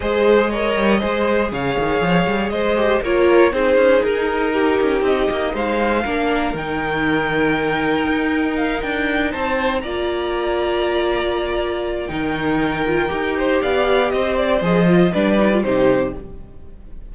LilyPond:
<<
  \new Staff \with { instrumentName = "violin" } { \time 4/4 \tempo 4 = 119 dis''2. f''4~ | f''4 dis''4 cis''4 c''4 | ais'2 dis''4 f''4~ | f''4 g''2.~ |
g''4 f''8 g''4 a''4 ais''8~ | ais''1 | g''2. f''4 | dis''8 d''8 dis''4 d''4 c''4 | }
  \new Staff \with { instrumentName = "violin" } { \time 4/4 c''4 cis''4 c''4 cis''4~ | cis''4 c''4 ais'4 gis'4~ | gis'4 g'2 c''4 | ais'1~ |
ais'2~ ais'8 c''4 d''8~ | d''1 | ais'2~ ais'8 c''8 d''4 | c''2 b'4 g'4 | }
  \new Staff \with { instrumentName = "viola" } { \time 4/4 gis'4 ais'4 gis'2~ | gis'4. g'8 f'4 dis'4~ | dis'1 | d'4 dis'2.~ |
dis'2.~ dis'8 f'8~ | f'1 | dis'4. f'8 g'2~ | g'4 gis'8 f'8 d'8 dis'16 f'16 dis'4 | }
  \new Staff \with { instrumentName = "cello" } { \time 4/4 gis4. g8 gis4 cis8 dis8 | f8 g8 gis4 ais4 c'8 cis'8 | dis'4. cis'8 c'8 ais8 gis4 | ais4 dis2. |
dis'4. d'4 c'4 ais8~ | ais1 | dis2 dis'4 b4 | c'4 f4 g4 c4 | }
>>